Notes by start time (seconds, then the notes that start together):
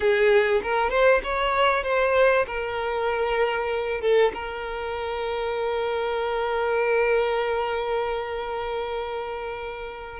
0.00 G#4
0.62 A#4
0.90 C5
1.23 C#5
1.83 C5
2.46 A#4
4.01 A4
4.34 A#4